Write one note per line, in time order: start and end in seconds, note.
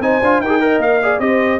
0.00 0.20 C4
0.00 0.23 D#4
0.00 0.43 C5
0.00 0.41 G#5
0.22 0.40 D4
0.22 0.44 F4
0.40 0.78 D#4
0.40 0.63 A#4
0.40 0.81 G5
0.46 0.50 G4
0.46 0.60 G#4
0.60 1.00 A#4
0.60 1.04 D#5
0.78 1.18 A#3
0.78 1.20 F5
1.03 1.20 G#4
1.03 1.22 D5
1.20 1.60 C4
1.20 1.60 G4
1.20 1.60 C5
1.20 1.60 D#5